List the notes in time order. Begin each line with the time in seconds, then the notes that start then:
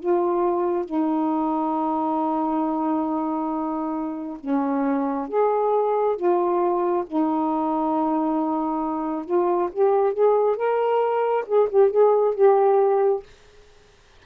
0.00 F4
0.85 D#4
4.40 C#4
5.28 G#4
6.16 F4
7.07 D#4
9.26 F4
9.73 G4
10.14 G#4
10.56 A#4
11.47 G#4
11.70 G4
11.91 G#4
12.35 G4